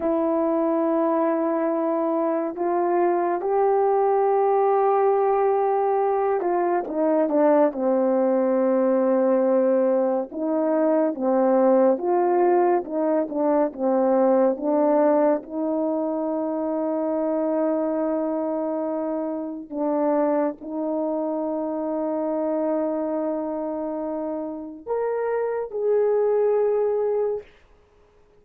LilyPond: \new Staff \with { instrumentName = "horn" } { \time 4/4 \tempo 4 = 70 e'2. f'4 | g'2.~ g'8 f'8 | dis'8 d'8 c'2. | dis'4 c'4 f'4 dis'8 d'8 |
c'4 d'4 dis'2~ | dis'2. d'4 | dis'1~ | dis'4 ais'4 gis'2 | }